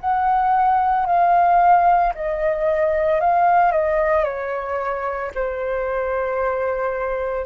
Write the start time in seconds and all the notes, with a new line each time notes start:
0.00 F#5
1.06 F5
2.15 D#5
3.20 F5
3.71 D#5
4.24 C#5
5.34 C5